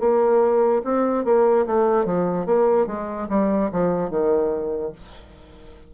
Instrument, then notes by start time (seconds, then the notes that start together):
bassoon
0.00 A#3
0.84 C4
1.25 A#3
1.67 A3
2.05 F3
2.46 A#3
2.87 G#3
3.30 G3
3.72 F3
4.10 D#3